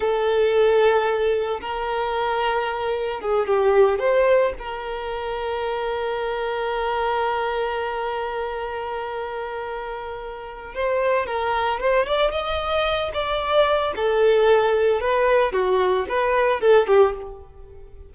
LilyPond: \new Staff \with { instrumentName = "violin" } { \time 4/4 \tempo 4 = 112 a'2. ais'4~ | ais'2 gis'8 g'4 c''8~ | c''8 ais'2.~ ais'8~ | ais'1~ |
ais'1 | c''4 ais'4 c''8 d''8 dis''4~ | dis''8 d''4. a'2 | b'4 fis'4 b'4 a'8 g'8 | }